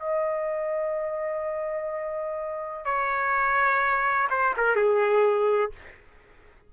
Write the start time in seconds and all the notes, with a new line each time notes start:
0.00 D#5
2.86 C#5
4.31 C5
4.57 A#4
4.76 G#4